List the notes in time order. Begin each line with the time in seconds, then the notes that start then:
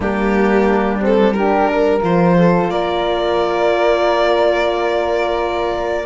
0.00 G3 A#3 D4 G4
1.00 C4 A4
1.33 D4 G4 A#4
1.68 A#4
2.01 F3 F4 C5
2.37 A4
2.69 A#3 A#4 D5